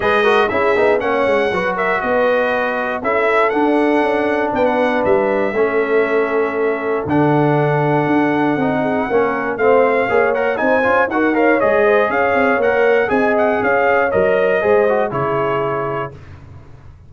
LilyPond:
<<
  \new Staff \with { instrumentName = "trumpet" } { \time 4/4 \tempo 4 = 119 dis''4 e''4 fis''4. e''8 | dis''2 e''4 fis''4~ | fis''4 g''16 fis''8. e''2~ | e''2 fis''2~ |
fis''2. f''4~ | f''8 fis''8 gis''4 fis''8 f''8 dis''4 | f''4 fis''4 gis''8 fis''8 f''4 | dis''2 cis''2 | }
  \new Staff \with { instrumentName = "horn" } { \time 4/4 b'8 ais'8 gis'4 cis''4 b'8 ais'8 | b'2 a'2~ | a'4 b'2 a'4~ | a'1~ |
a'4. gis'8 ais'4 c''4 | cis''4 c''4 ais'8 cis''4 c''8 | cis''2 dis''4 cis''4~ | cis''4 c''4 gis'2 | }
  \new Staff \with { instrumentName = "trombone" } { \time 4/4 gis'8 fis'8 e'8 dis'8 cis'4 fis'4~ | fis'2 e'4 d'4~ | d'2. cis'4~ | cis'2 d'2~ |
d'4 dis'4 cis'4 c'4 | gis'8 ais'8 dis'8 f'8 fis'8 ais'8 gis'4~ | gis'4 ais'4 gis'2 | ais'4 gis'8 fis'8 e'2 | }
  \new Staff \with { instrumentName = "tuba" } { \time 4/4 gis4 cis'8 b8 ais8 gis8 fis4 | b2 cis'4 d'4 | cis'4 b4 g4 a4~ | a2 d2 |
d'4 c'4 ais4 a4 | ais4 c'8 cis'8 dis'4 gis4 | cis'8 c'8 ais4 c'4 cis'4 | fis4 gis4 cis2 | }
>>